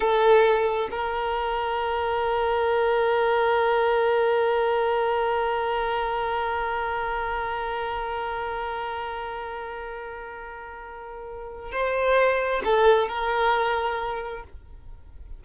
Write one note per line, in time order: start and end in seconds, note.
0.00 0.88 A4
0.90 11.71 A#4
11.71 12.62 C5
12.64 13.08 A4
13.08 14.43 A#4